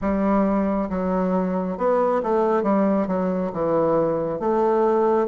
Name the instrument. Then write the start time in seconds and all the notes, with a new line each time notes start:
bassoon
0.01 G3
0.89 F#3
1.77 B3
2.22 A3
2.62 G3
3.07 F#3
3.52 E3
4.39 A3